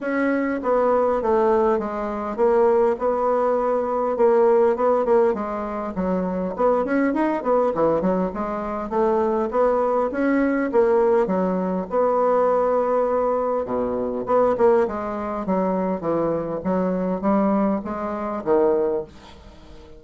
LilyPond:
\new Staff \with { instrumentName = "bassoon" } { \time 4/4 \tempo 4 = 101 cis'4 b4 a4 gis4 | ais4 b2 ais4 | b8 ais8 gis4 fis4 b8 cis'8 | dis'8 b8 e8 fis8 gis4 a4 |
b4 cis'4 ais4 fis4 | b2. b,4 | b8 ais8 gis4 fis4 e4 | fis4 g4 gis4 dis4 | }